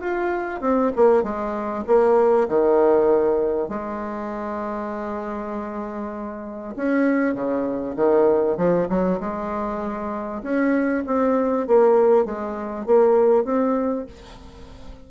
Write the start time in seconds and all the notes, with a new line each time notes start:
0.00 F4
0.61 C4
0.95 A#3
1.23 G#3
1.86 A#3
2.48 D#3
3.68 G#3
6.76 C#4
7.34 C#3
7.96 D#3
8.57 F3
8.89 F#3
9.20 G#3
10.42 C#4
11.06 C4
11.67 A#3
12.25 G#3
12.86 A#3
13.44 C4